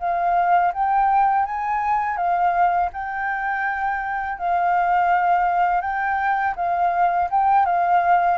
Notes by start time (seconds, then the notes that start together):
0.00 F5
0.74 G5
1.46 G#5
2.17 F5
2.93 G5
4.39 F5
5.82 G5
6.57 F5
7.31 G5
7.66 F5